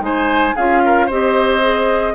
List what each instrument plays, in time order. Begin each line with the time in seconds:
0.00 bassoon G#3, clarinet D#4, oboe C5, flute G#5
0.55 bassoon C#4, clarinet F4, oboe G#4, flute F5
0.85 oboe A#4
1.06 bassoon C4, clarinet G4, oboe C5, flute D#5
1.61 clarinet G#4